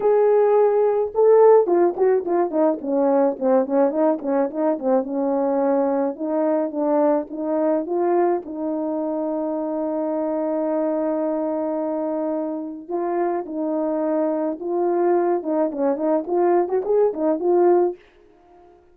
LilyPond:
\new Staff \with { instrumentName = "horn" } { \time 4/4 \tempo 4 = 107 gis'2 a'4 f'8 fis'8 | f'8 dis'8 cis'4 c'8 cis'8 dis'8 cis'8 | dis'8 c'8 cis'2 dis'4 | d'4 dis'4 f'4 dis'4~ |
dis'1~ | dis'2. f'4 | dis'2 f'4. dis'8 | cis'8 dis'8 f'8. fis'16 gis'8 dis'8 f'4 | }